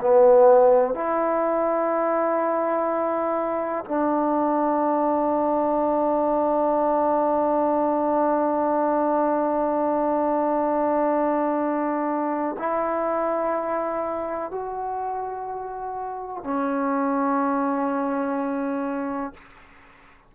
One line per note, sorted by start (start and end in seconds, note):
0.00 0.94 B3
0.94 3.84 E4
3.85 12.56 D4
12.59 14.51 E4
14.51 16.43 F#4
16.43 19.34 C#4